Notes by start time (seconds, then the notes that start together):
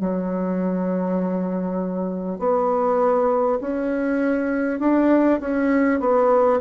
0.00 F#3
2.39 B3
3.61 C#4
4.80 D4
5.41 C#4
6.00 B3